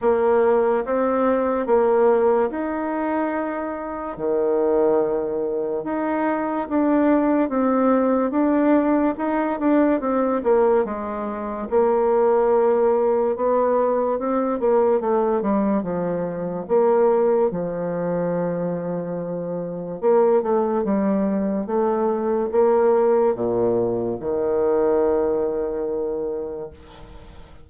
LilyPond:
\new Staff \with { instrumentName = "bassoon" } { \time 4/4 \tempo 4 = 72 ais4 c'4 ais4 dis'4~ | dis'4 dis2 dis'4 | d'4 c'4 d'4 dis'8 d'8 | c'8 ais8 gis4 ais2 |
b4 c'8 ais8 a8 g8 f4 | ais4 f2. | ais8 a8 g4 a4 ais4 | ais,4 dis2. | }